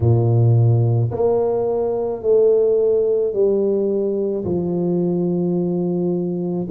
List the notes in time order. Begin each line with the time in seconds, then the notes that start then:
0.00 A#2
1.11 A#3
2.22 A3
3.33 G3
4.44 F3